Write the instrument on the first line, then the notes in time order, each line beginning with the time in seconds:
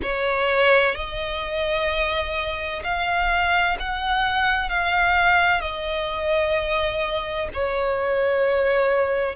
violin
0.02 C#5
0.95 D#5
2.83 F5
3.79 F#5
4.69 F5
5.60 D#5
7.53 C#5